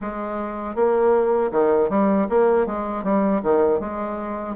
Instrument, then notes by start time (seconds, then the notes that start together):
bassoon
0.01 G#3
0.75 A#3
1.51 D#3
1.89 G3
2.29 A#3
2.66 G#3
3.03 G3
3.42 D#3
3.80 G#3